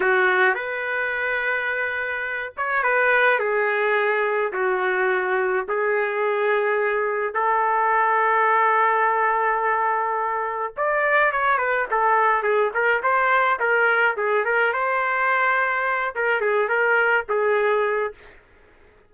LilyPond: \new Staff \with { instrumentName = "trumpet" } { \time 4/4 \tempo 4 = 106 fis'4 b'2.~ | b'8 cis''8 b'4 gis'2 | fis'2 gis'2~ | gis'4 a'2.~ |
a'2. d''4 | cis''8 b'8 a'4 gis'8 ais'8 c''4 | ais'4 gis'8 ais'8 c''2~ | c''8 ais'8 gis'8 ais'4 gis'4. | }